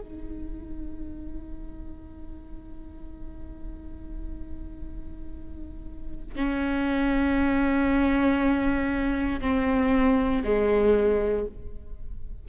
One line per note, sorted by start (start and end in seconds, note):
0.00 6.35 D#4
6.35 9.40 C#4
9.41 10.42 C4
10.44 11.45 G#3